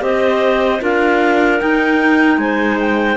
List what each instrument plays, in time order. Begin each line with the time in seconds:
0.00 cello C4, clarinet G4 C5 D#5
0.80 cello D4, clarinet F4 A#4 F5
1.59 clarinet D#4 G5, cello D#4
2.37 cello G#3, clarinet C5 G#5
2.79 clarinet G5